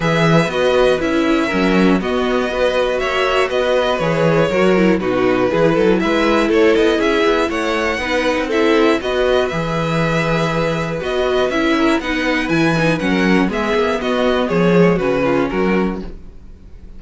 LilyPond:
<<
  \new Staff \with { instrumentName = "violin" } { \time 4/4 \tempo 4 = 120 e''4 dis''4 e''2 | dis''2 e''4 dis''4 | cis''2 b'2 | e''4 cis''8 dis''8 e''4 fis''4~ |
fis''4 e''4 dis''4 e''4~ | e''2 dis''4 e''4 | fis''4 gis''4 fis''4 e''4 | dis''4 cis''4 b'4 ais'4 | }
  \new Staff \with { instrumentName = "violin" } { \time 4/4 b'2. ais'4 | fis'4 b'4 cis''4 b'4~ | b'4 ais'4 fis'4 gis'8 a'8 | b'4 a'4 gis'4 cis''4 |
b'4 a'4 b'2~ | b'2.~ b'8 ais'8 | b'2~ b'16 ais'8. gis'4 | fis'4 gis'4 fis'8 f'8 fis'4 | }
  \new Staff \with { instrumentName = "viola" } { \time 4/4 gis'4 fis'4 e'4 cis'4 | b4 fis'2. | gis'4 fis'8 e'8 dis'4 e'4~ | e'1 |
dis'4 e'4 fis'4 gis'4~ | gis'2 fis'4 e'4 | dis'4 e'8 dis'8 cis'4 b4~ | b4. gis8 cis'2 | }
  \new Staff \with { instrumentName = "cello" } { \time 4/4 e4 b4 cis'4 fis4 | b2 ais4 b4 | e4 fis4 b,4 e8 fis8 | gis4 a8 b8 cis'8 b8 a4 |
b8. c'4~ c'16 b4 e4~ | e2 b4 cis'4 | b4 e4 fis4 gis8 ais8 | b4 f4 cis4 fis4 | }
>>